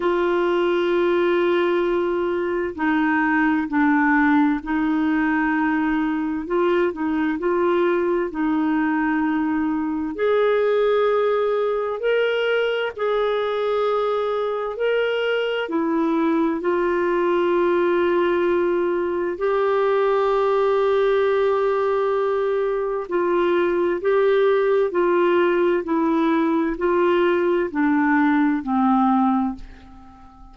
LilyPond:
\new Staff \with { instrumentName = "clarinet" } { \time 4/4 \tempo 4 = 65 f'2. dis'4 | d'4 dis'2 f'8 dis'8 | f'4 dis'2 gis'4~ | gis'4 ais'4 gis'2 |
ais'4 e'4 f'2~ | f'4 g'2.~ | g'4 f'4 g'4 f'4 | e'4 f'4 d'4 c'4 | }